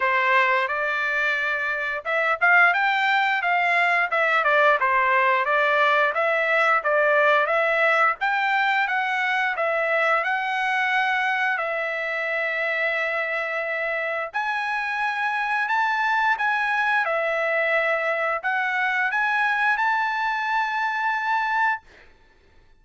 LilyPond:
\new Staff \with { instrumentName = "trumpet" } { \time 4/4 \tempo 4 = 88 c''4 d''2 e''8 f''8 | g''4 f''4 e''8 d''8 c''4 | d''4 e''4 d''4 e''4 | g''4 fis''4 e''4 fis''4~ |
fis''4 e''2.~ | e''4 gis''2 a''4 | gis''4 e''2 fis''4 | gis''4 a''2. | }